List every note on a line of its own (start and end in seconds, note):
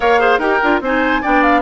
0.00 0.38 A#3
0.00 0.18 A#4
0.00 0.20 C#5
0.00 0.39 F5
0.18 0.39 G#4
0.18 0.39 C5
0.38 0.58 D#4
0.38 0.61 G4
0.38 0.80 A#4
0.38 0.80 G5
0.62 0.80 D4
0.62 0.82 F4
0.80 1.22 C4
0.80 1.22 D#4
0.80 1.21 C5
0.80 1.24 G#5
1.21 1.61 B3
1.21 1.61 D4
1.21 1.61 D5
1.21 1.42 G5
1.42 1.61 F5